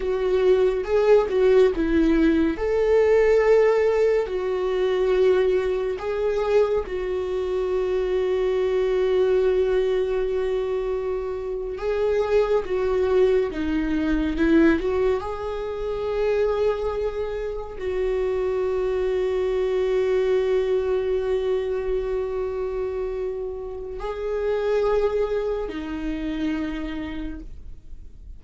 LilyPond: \new Staff \with { instrumentName = "viola" } { \time 4/4 \tempo 4 = 70 fis'4 gis'8 fis'8 e'4 a'4~ | a'4 fis'2 gis'4 | fis'1~ | fis'4.~ fis'16 gis'4 fis'4 dis'16~ |
dis'8. e'8 fis'8 gis'2~ gis'16~ | gis'8. fis'2.~ fis'16~ | fis'1 | gis'2 dis'2 | }